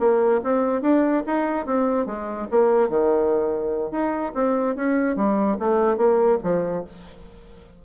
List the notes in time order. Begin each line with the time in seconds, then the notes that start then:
0.00 A#3
0.44 C4
0.82 D4
1.27 D#4
1.66 C4
2.06 G#3
2.51 A#3
2.89 D#3
3.92 D#4
4.35 C4
4.76 C#4
5.16 G3
5.60 A3
5.98 A#3
6.43 F3